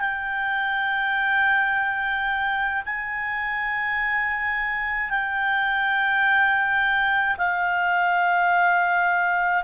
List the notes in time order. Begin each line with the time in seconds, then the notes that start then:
0.00 G5
2.86 G#5
5.10 G5
7.38 F5